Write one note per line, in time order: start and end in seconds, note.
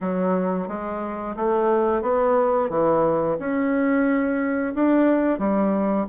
0.00 0.68 F#3
0.68 1.35 G#3
1.36 2.02 A3
2.02 2.69 B3
2.69 3.37 E3
3.39 4.74 C#4
4.74 5.38 D4
5.38 6.06 G3